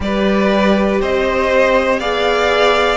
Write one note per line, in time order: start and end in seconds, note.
0.00 1.00 G3
0.00 2.01 G4
0.00 1.01 B4
0.00 1.01 D5
1.01 1.99 C4
1.01 1.99 C5
1.01 1.99 D#5
1.99 2.96 B3
1.99 2.96 G#4
1.99 2.96 D5
1.99 2.96 F5